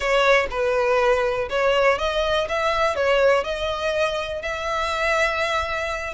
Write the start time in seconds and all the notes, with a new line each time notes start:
0.00 C#5
0.50 B4
1.49 C#5
1.98 D#5
2.48 E5
2.95 C#5
3.44 D#5
4.42 E5